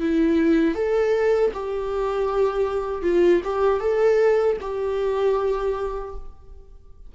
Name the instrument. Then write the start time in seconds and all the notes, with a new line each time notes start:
viola
0.00 E4
0.75 A4
1.54 G4
3.02 F4
3.44 G4
3.80 A4
4.61 G4